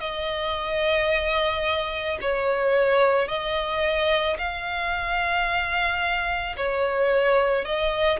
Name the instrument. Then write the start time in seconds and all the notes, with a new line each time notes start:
violin
0.00 D#5
2.21 C#5
3.28 D#5
4.38 F5
6.57 C#5
7.65 D#5